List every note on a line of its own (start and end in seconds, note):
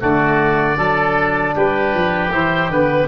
0.00 0.78 D3
0.00 0.76 A3
0.00 0.78 F#4
0.00 1.57 D5
0.76 1.55 F#3
0.76 2.30 D4
0.76 1.55 A4
1.55 1.95 G3
1.55 3.08 G4
1.55 2.33 B4
1.95 2.32 F3
2.31 2.71 E3
2.31 2.70 E4
2.31 2.71 C5
2.70 3.08 D3
2.70 3.08 B3
2.70 3.08 B4